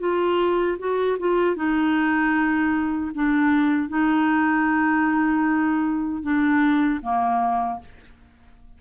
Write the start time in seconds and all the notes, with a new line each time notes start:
0.00 F4
0.79 F#4
1.20 F4
1.56 D#4
3.15 D4
3.89 D#4
6.23 D4
7.02 A#3